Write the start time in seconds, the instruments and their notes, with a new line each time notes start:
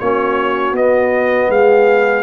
0.00 tuba A#3, trombone C#4, horn F#4, trumpet C#5
0.72 tuba B3, trombone B3, trumpet D#5
1.49 tuba G#3, horn G#4, trumpet F5